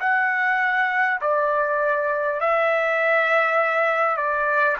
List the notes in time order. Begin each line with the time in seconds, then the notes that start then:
0.00 F#5
1.21 D5
2.41 E5
4.17 D5